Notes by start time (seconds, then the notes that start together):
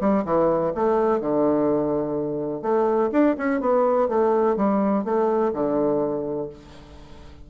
0.00 G3
0.24 E3
0.74 A3
1.20 D3
2.62 A3
3.12 D4
3.37 C#4
3.60 B3
4.08 A3
4.56 G3
5.04 A3
5.53 D3